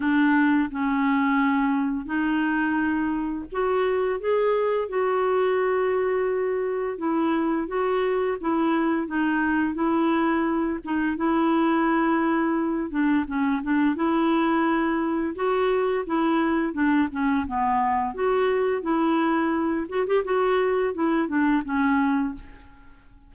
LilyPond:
\new Staff \with { instrumentName = "clarinet" } { \time 4/4 \tempo 4 = 86 d'4 cis'2 dis'4~ | dis'4 fis'4 gis'4 fis'4~ | fis'2 e'4 fis'4 | e'4 dis'4 e'4. dis'8 |
e'2~ e'8 d'8 cis'8 d'8 | e'2 fis'4 e'4 | d'8 cis'8 b4 fis'4 e'4~ | e'8 fis'16 g'16 fis'4 e'8 d'8 cis'4 | }